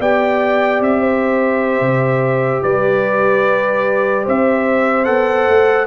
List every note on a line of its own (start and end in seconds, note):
0.00 0.81 B3
0.00 5.05 G4
0.00 1.02 D5
0.00 0.83 G5
0.81 1.81 C4
0.81 2.63 E5
1.02 2.63 C5
1.81 2.62 C3
2.63 4.27 G3
2.63 4.24 B4
2.63 4.25 D5
4.24 5.08 C4
4.24 5.87 C5
4.24 5.05 E5
5.05 5.48 B3
5.05 5.86 A4
5.05 5.86 F#5
5.48 5.87 A3